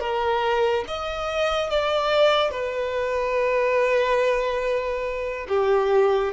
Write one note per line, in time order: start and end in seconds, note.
0.00 0.85 A#4
0.88 1.70 D#5
1.70 2.51 D5
2.51 5.47 B4
5.49 6.33 G4